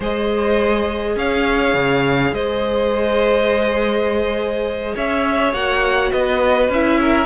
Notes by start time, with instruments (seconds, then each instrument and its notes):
0.00 cello G#3, viola G#4, violin C5 D#5
1.15 cello C#4, violin C#5 F5
1.74 cello C#3
2.32 cello G#3, violin C5 D#5
4.95 cello C#4, violin C#5 E5
5.53 cello A#3, viola F#4, violin F#5
6.11 cello B3, violin B4 D#5
6.69 cello C#4, viola E4, violin E5
7.00 violin A#4